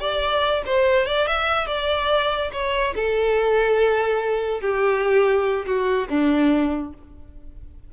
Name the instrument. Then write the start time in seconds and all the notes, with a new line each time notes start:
violin
0.00 D5
0.66 C5
1.06 D5
1.27 E5
1.67 D5
2.53 C#5
2.95 A4
4.61 G4
5.66 F#4
6.09 D4